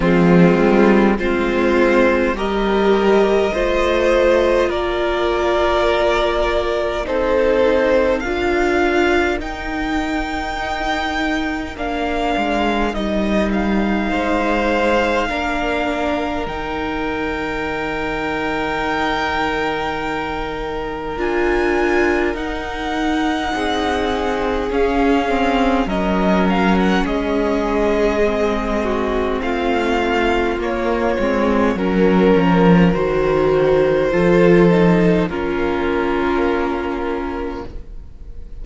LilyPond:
<<
  \new Staff \with { instrumentName = "violin" } { \time 4/4 \tempo 4 = 51 f'4 c''4 dis''2 | d''2 c''4 f''4 | g''2 f''4 dis''8 f''8~ | f''2 g''2~ |
g''2 gis''4 fis''4~ | fis''4 f''4 dis''8 f''16 fis''16 dis''4~ | dis''4 f''4 cis''4 ais'4 | c''2 ais'2 | }
  \new Staff \with { instrumentName = "violin" } { \time 4/4 c'4 f'4 ais'4 c''4 | ais'2 a'4 ais'4~ | ais'1 | c''4 ais'2.~ |
ais'1 | gis'2 ais'4 gis'4~ | gis'8 fis'8 f'2 ais'4~ | ais'4 a'4 f'2 | }
  \new Staff \with { instrumentName = "viola" } { \time 4/4 gis4 c'4 g'4 f'4~ | f'2 dis'4 f'4 | dis'2 d'4 dis'4~ | dis'4 d'4 dis'2~ |
dis'2 f'4 dis'4~ | dis'4 cis'8 c'8 cis'2 | c'2 ais8 c'8 cis'4 | fis'4 f'8 dis'8 cis'2 | }
  \new Staff \with { instrumentName = "cello" } { \time 4/4 f8 g8 gis4 g4 a4 | ais2 c'4 d'4 | dis'2 ais8 gis8 g4 | gis4 ais4 dis2~ |
dis2 d'4 dis'4 | c'4 cis'4 fis4 gis4~ | gis4 a4 ais8 gis8 fis8 f8 | dis4 f4 ais2 | }
>>